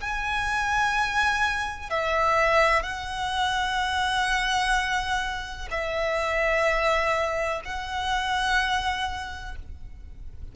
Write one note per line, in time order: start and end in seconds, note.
0.00 1.90 G#5
1.90 2.82 E5
2.82 5.68 F#5
5.71 7.61 E5
7.65 9.55 F#5